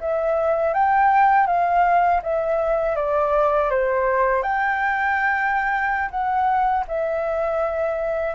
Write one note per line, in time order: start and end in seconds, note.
0.00 0.74 E5
0.74 1.46 G5
1.46 2.21 F5
2.22 2.96 E5
2.96 3.70 D5
3.70 4.42 C5
4.42 6.09 G5
6.10 6.85 F#5
6.87 8.35 E5